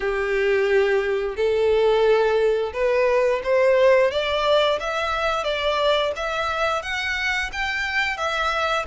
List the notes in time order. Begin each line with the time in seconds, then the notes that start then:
0.00 G4
1.36 A4
2.73 B4
3.43 C5
4.11 D5
4.79 E5
5.44 D5
6.15 E5
6.82 F#5
7.52 G5
8.17 E5